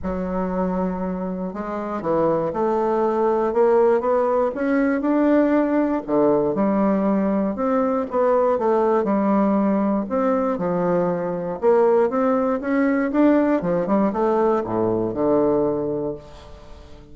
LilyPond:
\new Staff \with { instrumentName = "bassoon" } { \time 4/4 \tempo 4 = 119 fis2. gis4 | e4 a2 ais4 | b4 cis'4 d'2 | d4 g2 c'4 |
b4 a4 g2 | c'4 f2 ais4 | c'4 cis'4 d'4 f8 g8 | a4 a,4 d2 | }